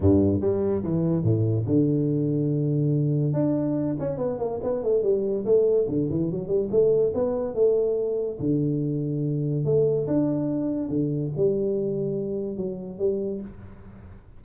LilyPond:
\new Staff \with { instrumentName = "tuba" } { \time 4/4 \tempo 4 = 143 g,4 g4 e4 a,4 | d1 | d'4. cis'8 b8 ais8 b8 a8 | g4 a4 d8 e8 fis8 g8 |
a4 b4 a2 | d2. a4 | d'2 d4 g4~ | g2 fis4 g4 | }